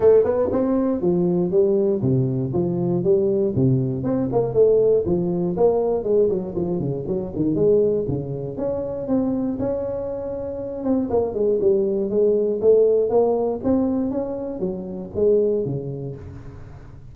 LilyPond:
\new Staff \with { instrumentName = "tuba" } { \time 4/4 \tempo 4 = 119 a8 b8 c'4 f4 g4 | c4 f4 g4 c4 | c'8 ais8 a4 f4 ais4 | gis8 fis8 f8 cis8 fis8 dis8 gis4 |
cis4 cis'4 c'4 cis'4~ | cis'4. c'8 ais8 gis8 g4 | gis4 a4 ais4 c'4 | cis'4 fis4 gis4 cis4 | }